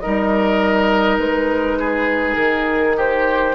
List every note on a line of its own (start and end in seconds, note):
0.00 1.19 G3
0.00 3.55 D#4
0.00 1.78 A#4
0.00 1.18 D#5
1.19 2.37 G#3
1.19 2.35 B4
1.79 2.97 G#4
2.35 3.55 D#3
2.35 2.94 A#4
2.97 3.55 G4
2.97 3.55 C5